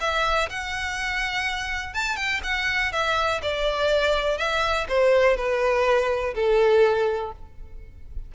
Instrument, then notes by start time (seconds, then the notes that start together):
violin
0.00 E5
0.49 F#5
1.94 A5
2.16 G5
2.43 F#5
2.92 E5
3.42 D5
4.38 E5
4.89 C5
5.37 B4
6.35 A4